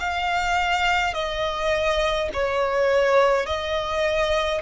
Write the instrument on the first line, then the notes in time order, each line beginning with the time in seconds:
violin
0.00 F5
1.14 D#5
2.34 C#5
3.47 D#5